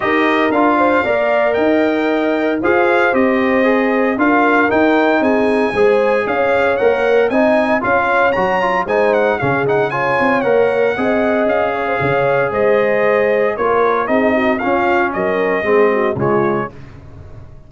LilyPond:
<<
  \new Staff \with { instrumentName = "trumpet" } { \time 4/4 \tempo 4 = 115 dis''4 f''2 g''4~ | g''4 f''4 dis''2 | f''4 g''4 gis''2 | f''4 fis''4 gis''4 f''4 |
ais''4 gis''8 fis''8 f''8 fis''8 gis''4 | fis''2 f''2 | dis''2 cis''4 dis''4 | f''4 dis''2 cis''4 | }
  \new Staff \with { instrumentName = "horn" } { \time 4/4 ais'4. c''8 d''4 dis''4~ | dis''4 c''2. | ais'2 gis'4 c''4 | cis''2 dis''4 cis''4~ |
cis''4 c''4 gis'4 cis''4~ | cis''4 dis''4. cis''16 c''16 cis''4 | c''2 ais'4 gis'8 fis'8 | f'4 ais'4 gis'8 fis'8 f'4 | }
  \new Staff \with { instrumentName = "trombone" } { \time 4/4 g'4 f'4 ais'2~ | ais'4 gis'4 g'4 gis'4 | f'4 dis'2 gis'4~ | gis'4 ais'4 dis'4 f'4 |
fis'8 f'8 dis'4 cis'8 dis'8 f'4 | ais'4 gis'2.~ | gis'2 f'4 dis'4 | cis'2 c'4 gis4 | }
  \new Staff \with { instrumentName = "tuba" } { \time 4/4 dis'4 d'4 ais4 dis'4~ | dis'4 f'4 c'2 | d'4 dis'4 c'4 gis4 | cis'4 ais4 c'4 cis'4 |
fis4 gis4 cis4. c'8 | ais4 c'4 cis'4 cis4 | gis2 ais4 c'4 | cis'4 fis4 gis4 cis4 | }
>>